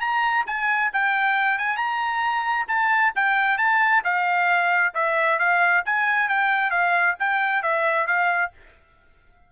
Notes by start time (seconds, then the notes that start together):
0.00 A#5
0.46 G#5
0.93 G5
1.58 G#5
1.76 A#5
2.68 A5
3.15 G5
3.57 A5
4.04 F5
4.94 E5
5.39 F5
5.85 G#5
6.28 G5
6.70 F5
7.19 G5
7.62 E5
8.07 F5